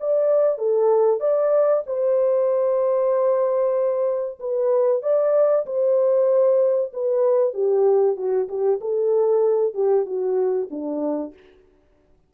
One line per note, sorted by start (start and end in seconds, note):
0.00 0.58 D5
0.58 1.20 A4
1.20 1.83 D5
1.86 4.39 C5
4.40 5.02 B4
5.02 5.66 D5
5.66 6.92 C5
6.93 7.54 B4
7.54 8.16 G4
8.16 8.48 F#4
8.48 8.80 G4
8.81 9.74 A4
9.74 10.05 G4
10.05 10.69 F#4
10.71 11.34 D4